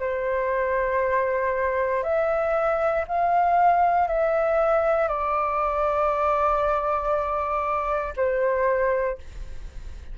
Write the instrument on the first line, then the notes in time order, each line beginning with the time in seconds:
flute
0.00 C5
2.04 E5
3.08 F5
4.08 E5
5.08 D5
8.17 C5